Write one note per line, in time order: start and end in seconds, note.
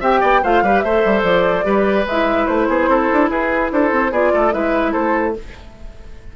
0.00 0.21 C4
0.00 0.42 G4
0.00 0.20 E5
0.00 0.44 G5
0.20 0.43 B3
0.20 0.41 D5
0.42 0.62 A3
0.42 0.64 F4
0.42 0.63 C5
0.42 0.80 F5
0.62 0.83 G3
0.62 0.85 G4
0.62 0.84 B4
0.80 1.04 A3
0.80 1.64 A4
0.80 1.65 C5
0.80 1.21 E5
1.05 1.23 G3
1.23 1.64 F3
1.23 2.05 D5
1.64 2.06 G3
1.64 2.05 G4
1.64 2.68 B4
2.06 2.47 G#3
2.06 4.13 E4
2.06 2.46 E5
2.46 2.67 A3
2.46 3.29 C5
2.67 2.88 B3
2.67 2.89 G#4
2.88 3.08 C4
2.88 3.30 A4
3.13 3.29 D4
3.29 3.70 E4
3.29 3.71 G#4
3.29 3.71 B4
3.71 3.92 D4
3.71 4.11 A4
3.71 4.13 C5
3.92 4.11 C4
4.11 4.31 B3
4.11 4.51 F4
4.11 4.32 G#4
4.11 4.53 D5
4.33 4.53 A3
4.33 4.53 A4
4.51 4.94 G#3
4.51 5.34 E4
4.51 4.92 B4
4.51 4.92 E5
4.92 5.36 A3
4.92 5.33 A4
4.92 5.33 C5